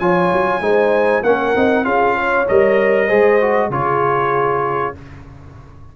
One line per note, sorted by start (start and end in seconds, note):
0.00 0.31 F3
0.00 0.61 F4
0.00 0.62 C#5
0.00 1.24 G#5
0.33 0.61 F#3
0.61 1.22 G#3
0.61 1.23 D#4
0.61 1.24 C5
1.24 1.55 A#3
1.24 1.56 C#4
1.24 1.86 A#4
1.24 1.85 F#5
1.56 1.85 C4
1.56 1.85 D#4
1.85 2.47 C#4
1.85 2.47 F4
1.85 2.16 G#4
1.85 2.47 F5
2.16 3.08 C#5
2.49 3.11 G3
2.49 3.09 A#4
2.49 3.72 D#5
3.08 3.70 G#3
3.08 3.40 G#4
3.08 3.69 C5
3.41 3.71 F#4
3.70 4.93 C#3
3.70 4.95 F4
3.70 4.96 G#4
3.70 4.97 C#5